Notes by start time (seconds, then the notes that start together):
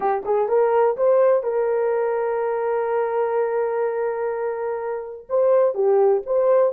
0.00 G4
0.25 G#4
0.48 A#4
0.96 C5
1.43 A#4
5.29 C5
5.74 G4
6.26 C5